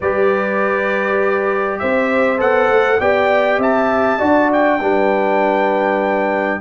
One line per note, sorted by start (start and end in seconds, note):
0.00 1.80 G3
0.00 2.38 G4
0.00 1.78 B4
0.00 1.78 D5
1.78 2.40 C4
1.78 3.00 C5
1.78 2.38 E5
2.38 2.69 B3
2.38 2.98 A4
2.38 3.00 F#5
2.69 2.99 A3
3.00 3.58 B3
3.00 4.18 G4
3.00 3.58 D5
3.00 3.60 G5
3.58 4.17 C4
3.58 4.18 E5
3.58 4.52 A5
4.18 4.80 D4
4.18 4.78 F#4
4.18 4.79 D5
4.52 6.60 G5
4.80 6.60 G3
4.80 6.60 D4
4.80 6.60 B4